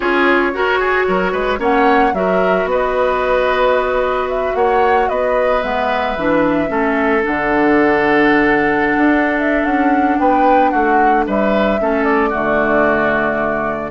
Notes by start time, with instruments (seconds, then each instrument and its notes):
0.00 bassoon C#4, clarinet F4, oboe G#4, flute C#5
0.53 clarinet F#4, bassoon F#4, oboe A#4
0.79 oboe G#4
1.08 bassoon F#3, oboe A#4
1.32 bassoon G#3, oboe B4
1.58 bassoon A#3, clarinet C#4, oboe C#5, flute F#5
2.13 bassoon F#3, clarinet F#4, oboe A#4, flute E5
2.64 bassoon B3, oboe B4
2.71 flute D#5
4.28 flute E5
4.54 bassoon A#3, oboe C#5, flute F#5
5.09 bassoon B3, oboe B4, flute D#5
5.62 bassoon G#3, clarinet B3, flute E5
6.16 bassoon E3, clarinet D4
6.67 bassoon A3, clarinet C#4, oboe A4
7.22 bassoon D3, clarinet D4, flute F#5
8.96 bassoon D4
9.39 flute E5
9.64 bassoon C#4, flute F#5
10.19 bassoon B3, oboe B4, flute G5
10.70 bassoon A3, oboe F#4, flute F#5
11.27 bassoon G3, oboe B4, flute E5
11.80 bassoon A3, clarinet C#4, oboe A4
12.04 flute D5
12.29 bassoon D3, clarinet A3, oboe F#4